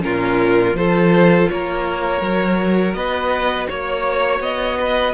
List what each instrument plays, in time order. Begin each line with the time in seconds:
0.00 cello A#2, viola C#4, violin F4 A#4
0.74 cello F3, viola F4, violin A4 C5
1.49 cello A#3, violin A#4 C#5
2.21 cello F#3, viola F#4
2.94 cello B3, violin B4 D#5
3.68 cello A#3, violin C#5
4.39 cello B3, violin D#5
4.79 violin B4